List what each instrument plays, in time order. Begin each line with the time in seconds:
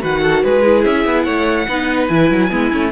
0.00 cello D#3, viola F#4, violin B4 F#5
0.22 violin A4
0.43 cello G#3, violin G#4 B4
0.64 viola E4
0.85 cello C#4, violin E5
1.05 cello B3
1.23 cello A3, violin C#5 F#5
1.68 cello B3, viola D#4, violin B4
2.08 cello E3, viola E4, violin G#5
2.30 cello F#3
2.50 cello G#3, viola B3, violin E4
2.72 cello A3, viola C#4